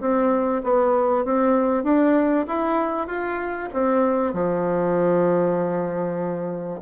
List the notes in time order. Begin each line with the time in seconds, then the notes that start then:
0.00 C4
0.63 B3
1.24 C4
1.83 D4
2.47 E4
3.07 F4
3.73 C4
4.33 F3